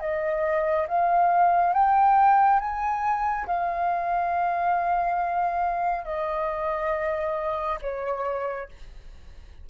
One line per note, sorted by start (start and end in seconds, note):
0.00 0.87 D#5
0.88 1.74 F5
1.74 2.60 G5
2.60 3.47 G#5
3.47 6.05 F5
6.05 7.79 D#5
7.82 8.69 C#5